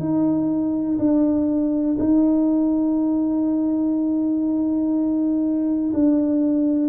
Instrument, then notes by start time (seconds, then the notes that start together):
tuba
0.00 D#4
0.99 D4
1.99 D#4
5.94 D4